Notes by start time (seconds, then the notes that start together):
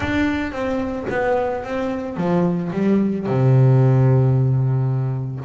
0.00 D4
0.52 C4
1.09 B3
1.64 C4
2.16 F3
2.72 G3
3.26 C3